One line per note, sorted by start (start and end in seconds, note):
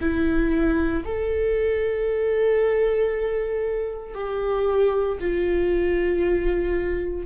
0.00 1.03 E4
1.04 4.14 A4
4.14 5.18 G4
5.20 7.26 F4